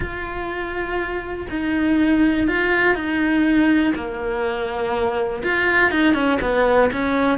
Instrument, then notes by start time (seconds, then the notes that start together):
cello
0.00 F4
1.50 D#4
2.47 F4
2.94 D#4
3.95 A#3
5.43 F4
5.91 D#4
6.14 C#4
6.41 B3
6.92 C#4